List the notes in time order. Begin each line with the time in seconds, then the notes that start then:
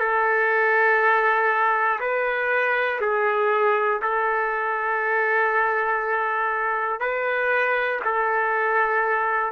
0.00 A4
2.00 B4
3.01 G#4
4.02 A4
7.00 B4
8.05 A4